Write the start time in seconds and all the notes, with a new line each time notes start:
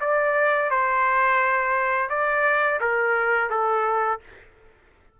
0.00 D5
0.70 C5
2.09 D5
2.80 A#4
3.50 A4